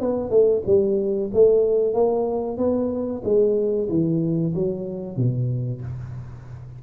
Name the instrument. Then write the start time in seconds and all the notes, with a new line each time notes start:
tuba
0.00 B3
0.30 A3
0.66 G3
1.33 A3
1.93 A#3
2.57 B3
3.24 G#3
3.89 E3
4.54 F#3
5.16 B2